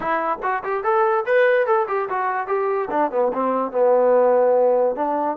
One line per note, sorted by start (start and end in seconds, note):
0.00 0.39 E4
0.42 0.63 F#4
0.63 0.83 G4
0.83 1.24 A4
1.25 1.66 B4
1.66 1.87 A4
1.88 2.08 G4
2.09 2.47 F#4
2.47 2.88 G4
2.90 3.11 D4
3.11 3.32 B3
3.33 3.71 C4
3.71 4.95 B3
4.95 5.37 D4